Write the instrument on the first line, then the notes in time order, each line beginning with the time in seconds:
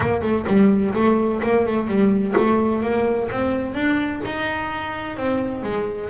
double bass
0.00 A#3
0.22 A3
0.47 G3
0.94 A3
1.43 A#3
1.66 A3
1.87 G3
2.37 A3
2.82 A#3
3.31 C4
3.74 D4
4.25 D#4
5.16 C4
5.62 G#3